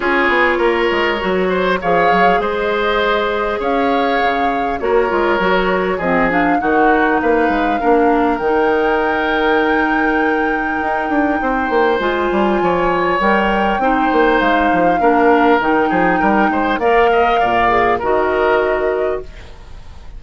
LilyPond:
<<
  \new Staff \with { instrumentName = "flute" } { \time 4/4 \tempo 4 = 100 cis''2. f''4 | dis''2 f''2 | cis''2 dis''8 f''8 fis''4 | f''2 g''2~ |
g''1 | gis''2 g''2 | f''2 g''2 | f''2 dis''2 | }
  \new Staff \with { instrumentName = "oboe" } { \time 4/4 gis'4 ais'4. c''8 cis''4 | c''2 cis''2 | ais'2 gis'4 fis'4 | b'4 ais'2.~ |
ais'2. c''4~ | c''4 cis''2 c''4~ | c''4 ais'4. gis'8 ais'8 c''8 | d''8 dis''8 d''4 ais'2 | }
  \new Staff \with { instrumentName = "clarinet" } { \time 4/4 f'2 fis'4 gis'4~ | gis'1 | fis'8 f'8 fis'4 c'8 d'8 dis'4~ | dis'4 d'4 dis'2~ |
dis'1 | f'2 ais'4 dis'4~ | dis'4 d'4 dis'2 | ais'4. gis'8 fis'2 | }
  \new Staff \with { instrumentName = "bassoon" } { \time 4/4 cis'8 b8 ais8 gis8 fis4 f8 fis8 | gis2 cis'4 cis4 | ais8 gis8 fis4 f4 dis4 | ais8 gis8 ais4 dis2~ |
dis2 dis'8 d'8 c'8 ais8 | gis8 g8 f4 g4 c'8 ais8 | gis8 f8 ais4 dis8 f8 g8 gis8 | ais4 ais,4 dis2 | }
>>